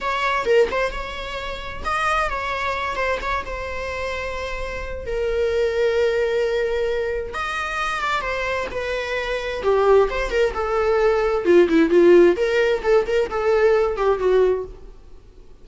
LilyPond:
\new Staff \with { instrumentName = "viola" } { \time 4/4 \tempo 4 = 131 cis''4 ais'8 c''8 cis''2 | dis''4 cis''4. c''8 cis''8 c''8~ | c''2. ais'4~ | ais'1 |
dis''4. d''8 c''4 b'4~ | b'4 g'4 c''8 ais'8 a'4~ | a'4 f'8 e'8 f'4 ais'4 | a'8 ais'8 a'4. g'8 fis'4 | }